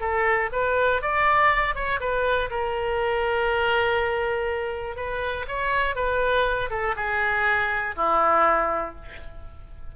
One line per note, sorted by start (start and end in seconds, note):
0.00 0.50 A4
0.52 1.02 B4
1.02 1.75 D5
1.75 2.00 C#5
2.00 2.50 B4
2.50 4.96 A#4
4.96 5.46 B4
5.48 5.95 C#5
5.95 6.70 B4
6.70 6.95 A4
6.96 7.95 G#4
7.96 8.95 E4